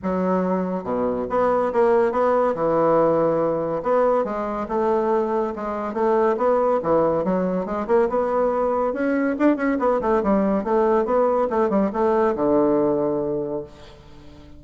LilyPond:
\new Staff \with { instrumentName = "bassoon" } { \time 4/4 \tempo 4 = 141 fis2 b,4 b4 | ais4 b4 e2~ | e4 b4 gis4 a4~ | a4 gis4 a4 b4 |
e4 fis4 gis8 ais8 b4~ | b4 cis'4 d'8 cis'8 b8 a8 | g4 a4 b4 a8 g8 | a4 d2. | }